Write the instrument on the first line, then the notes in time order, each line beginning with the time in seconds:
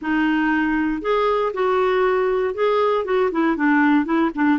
clarinet
0.01 D#4
1.01 G#4
1.53 F#4
2.54 G#4
3.04 F#4
3.31 E4
3.56 D4
4.05 E4
4.35 D4